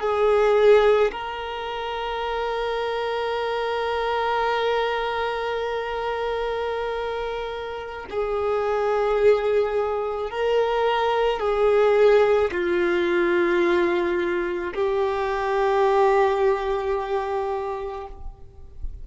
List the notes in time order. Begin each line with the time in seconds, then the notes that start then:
0.00 G#4
1.11 A#4
8.10 G#4
10.30 A#4
11.39 G#4
12.51 F4
14.74 G4